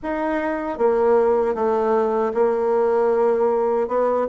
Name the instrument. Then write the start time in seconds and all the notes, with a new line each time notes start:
bassoon
0.02 D#4
0.78 A#3
1.54 A3
2.33 A#3
3.87 B3